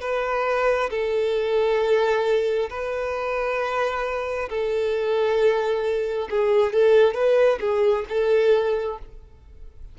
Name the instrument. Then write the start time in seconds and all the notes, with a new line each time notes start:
violin
0.00 B4
0.90 A4
2.69 B4
4.49 A4
6.30 G#4
6.73 A4
7.14 B4
7.60 G#4
8.09 A4